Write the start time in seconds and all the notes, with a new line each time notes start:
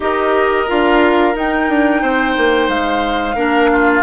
0.00 D#4 G4 A#4 D#5
0.68 D4 F4 F5
1.33 D#4 G5
1.69 D4
2.02 C4 C5
2.37 A#3
2.68 G#3 F5
3.35 A#3 D4 A#4
3.72 F4